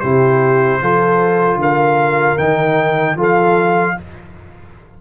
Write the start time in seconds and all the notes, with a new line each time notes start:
0.00 C3 E4 G4 C5
0.81 F3 F4 A4
1.56 D3 A#4
1.62 F5
2.38 D#3 D#4 G5
3.15 F3 F4 A4
3.22 F5